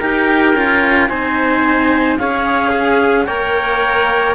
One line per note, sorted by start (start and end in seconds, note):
0.00 0.55 D#4
0.00 0.55 G4
0.00 1.09 A#4
0.00 1.08 G5
0.55 1.09 C#4
0.55 1.10 F4
1.08 2.19 C4
1.08 2.19 D#4
1.08 2.19 C5
1.08 2.17 G#5
2.18 3.28 C#4
2.18 3.27 G#4
2.18 2.69 C#5
2.18 3.25 F5
2.69 3.24 G#4
3.25 4.35 A#3
3.25 4.35 A#4
3.25 4.35 C#5
3.25 4.34 G5